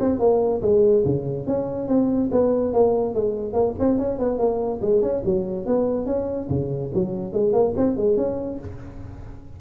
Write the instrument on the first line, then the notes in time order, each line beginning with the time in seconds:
tuba
0.00 C4
0.19 A#3
0.61 G#3
1.05 C#3
1.47 C#4
1.88 C4
2.32 B3
2.73 A#3
3.14 G#3
3.53 A#3
3.79 C4
3.98 C#4
4.19 B3
4.38 A#3
4.82 G#3
5.02 C#4
5.25 F#3
5.66 B3
6.06 C#4
6.50 C#3
6.94 F#3
7.33 G#3
7.53 A#3
7.77 C4
7.97 G#3
8.17 C#4